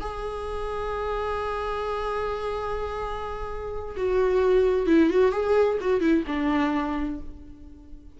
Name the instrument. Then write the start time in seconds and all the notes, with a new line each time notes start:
viola
0.00 G#4
3.96 F#4
4.86 E4
5.10 F#4
5.31 G#4
5.80 F#4
6.00 E4
6.27 D4